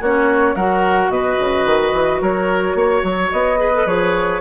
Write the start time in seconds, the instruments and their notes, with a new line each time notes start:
0.00 bassoon A#3, clarinet C#4, oboe F#4, flute C#5
0.56 bassoon F#3, clarinet F#4, oboe A#4, flute F#5
1.09 bassoon B2, oboe B4, flute D#5
1.40 bassoon C#3
1.65 bassoon D#3
1.94 bassoon E3
2.21 bassoon F#3, oboe A#4, flute C#5
2.75 bassoon A#3, oboe C#5
3.03 bassoon F#3
3.32 bassoon B3, flute D#5
3.57 clarinet G#4, oboe B4
3.74 clarinet A4
3.86 bassoon F3, clarinet G#4, flute C#5